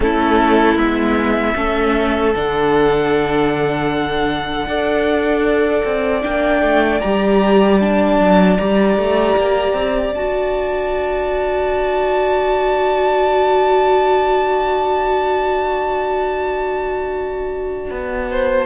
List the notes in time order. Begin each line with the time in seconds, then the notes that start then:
0.00 A3 C#4 E4 A4
0.76 G#3 B3 E5
1.55 A3 C#4 A4
2.35 D3 D4 F#5
4.66 D4 A4 D5
5.85 C4
6.22 A#3 D4 G5
6.61 A3
7.00 G3 G4 A#5
7.80 D4 A5
8.19 F#3
8.57 G3 G4 A#5
8.97 A3
9.36 A#3
9.73 C4
10.11 D4 F#4 A5
17.90 B3
18.30 C5